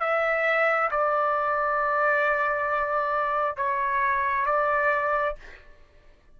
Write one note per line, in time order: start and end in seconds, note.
0.00 0.90 E5
0.91 3.56 D5
3.56 4.46 C#5
4.46 5.35 D5